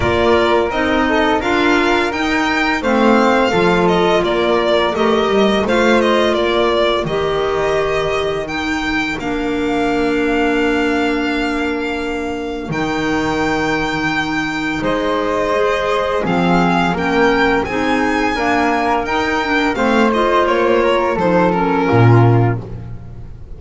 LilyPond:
<<
  \new Staff \with { instrumentName = "violin" } { \time 4/4 \tempo 4 = 85 d''4 dis''4 f''4 g''4 | f''4. dis''8 d''4 dis''4 | f''8 dis''8 d''4 dis''2 | g''4 f''2.~ |
f''2 g''2~ | g''4 dis''2 f''4 | g''4 gis''2 g''4 | f''8 dis''8 cis''4 c''8 ais'4. | }
  \new Staff \with { instrumentName = "flute" } { \time 4/4 ais'4. a'8 ais'2 | c''4 a'4 ais'2 | c''4 ais'2.~ | ais'1~ |
ais'1~ | ais'4 c''2 gis'4 | ais'4 gis'4 ais'2 | c''4. ais'8 a'4 f'4 | }
  \new Staff \with { instrumentName = "clarinet" } { \time 4/4 f'4 dis'4 f'4 dis'4 | c'4 f'2 g'4 | f'2 g'2 | dis'4 d'2.~ |
d'2 dis'2~ | dis'2 gis'4 c'4 | cis'4 dis'4 ais4 dis'8 d'8 | c'8 f'4. dis'8 cis'4. | }
  \new Staff \with { instrumentName = "double bass" } { \time 4/4 ais4 c'4 d'4 dis'4 | a4 f4 ais4 a8 g8 | a4 ais4 dis2~ | dis4 ais2.~ |
ais2 dis2~ | dis4 gis2 f4 | ais4 c'4 d'4 dis'4 | a4 ais4 f4 ais,4 | }
>>